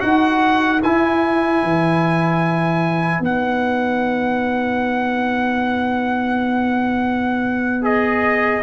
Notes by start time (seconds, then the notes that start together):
0.00 D#4 F#4 F#5
0.06 B4
0.84 E4 G#5
1.63 E3
3.20 B3 D#4 F#5
7.82 G#4 D#5